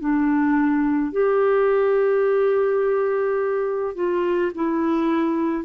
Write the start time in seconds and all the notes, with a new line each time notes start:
0.00 D4
1.12 G4
3.95 F4
4.55 E4